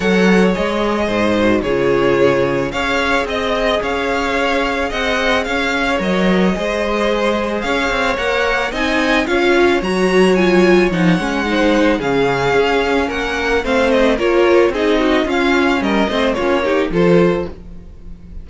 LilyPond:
<<
  \new Staff \with { instrumentName = "violin" } { \time 4/4 \tempo 4 = 110 fis''4 dis''2 cis''4~ | cis''4 f''4 dis''4 f''4~ | f''4 fis''4 f''4 dis''4~ | dis''2 f''4 fis''4 |
gis''4 f''4 ais''4 gis''4 | fis''2 f''2 | fis''4 f''8 dis''8 cis''4 dis''4 | f''4 dis''4 cis''4 c''4 | }
  \new Staff \with { instrumentName = "violin" } { \time 4/4 cis''2 c''4 gis'4~ | gis'4 cis''4 dis''4 cis''4~ | cis''4 dis''4 cis''2 | c''2 cis''2 |
dis''4 cis''2.~ | cis''4 c''4 gis'2 | ais'4 c''4 ais'4 gis'8 fis'8 | f'4 ais'8 c''8 f'8 g'8 a'4 | }
  \new Staff \with { instrumentName = "viola" } { \time 4/4 a'4 gis'4. fis'8 f'4~ | f'4 gis'2.~ | gis'2. ais'4 | gis'2. ais'4 |
dis'4 f'4 fis'4 f'4 | dis'8 cis'8 dis'4 cis'2~ | cis'4 c'4 f'4 dis'4 | cis'4. c'8 cis'8 dis'8 f'4 | }
  \new Staff \with { instrumentName = "cello" } { \time 4/4 fis4 gis4 gis,4 cis4~ | cis4 cis'4 c'4 cis'4~ | cis'4 c'4 cis'4 fis4 | gis2 cis'8 c'8 ais4 |
c'4 cis'4 fis2 | f8 gis4. cis4 cis'4 | ais4 a4 ais4 c'4 | cis'4 g8 a8 ais4 f4 | }
>>